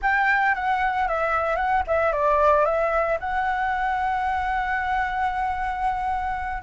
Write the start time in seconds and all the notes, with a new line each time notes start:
0.01 G5
0.54 F#5
1.08 E5
1.56 F#5
1.87 E5
2.12 D5
2.65 E5
3.20 F#5